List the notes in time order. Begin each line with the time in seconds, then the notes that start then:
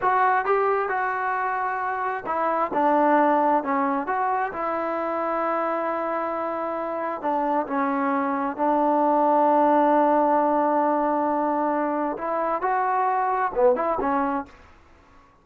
0.01 F#4
0.45 G4
0.89 F#4
2.26 E4
2.73 D4
3.63 C#4
4.07 F#4
4.52 E4
7.21 D4
7.67 C#4
8.56 D4
12.17 E4
12.61 F#4
13.55 B3
13.75 E4
14.00 C#4